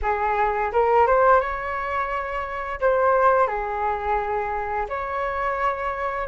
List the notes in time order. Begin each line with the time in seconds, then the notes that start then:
0.02 G#4
0.72 A#4
1.06 C5
1.40 C#5
2.80 C5
3.47 G#4
4.88 C#5